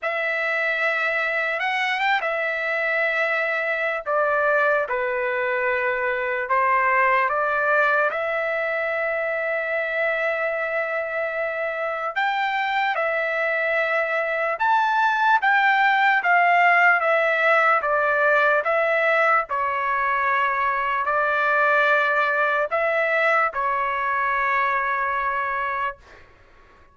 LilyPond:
\new Staff \with { instrumentName = "trumpet" } { \time 4/4 \tempo 4 = 74 e''2 fis''8 g''16 e''4~ e''16~ | e''4 d''4 b'2 | c''4 d''4 e''2~ | e''2. g''4 |
e''2 a''4 g''4 | f''4 e''4 d''4 e''4 | cis''2 d''2 | e''4 cis''2. | }